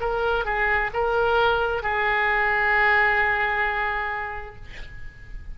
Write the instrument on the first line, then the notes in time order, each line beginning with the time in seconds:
oboe
0.00 A#4
0.45 G#4
0.93 A#4
1.82 G#4